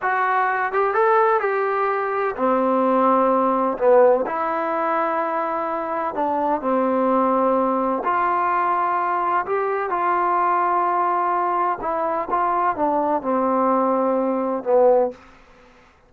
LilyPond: \new Staff \with { instrumentName = "trombone" } { \time 4/4 \tempo 4 = 127 fis'4. g'8 a'4 g'4~ | g'4 c'2. | b4 e'2.~ | e'4 d'4 c'2~ |
c'4 f'2. | g'4 f'2.~ | f'4 e'4 f'4 d'4 | c'2. b4 | }